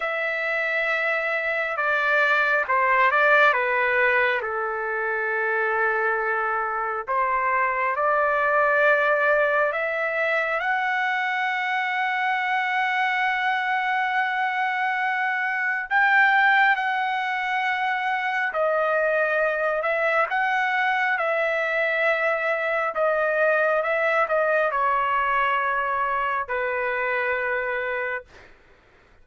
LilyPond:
\new Staff \with { instrumentName = "trumpet" } { \time 4/4 \tempo 4 = 68 e''2 d''4 c''8 d''8 | b'4 a'2. | c''4 d''2 e''4 | fis''1~ |
fis''2 g''4 fis''4~ | fis''4 dis''4. e''8 fis''4 | e''2 dis''4 e''8 dis''8 | cis''2 b'2 | }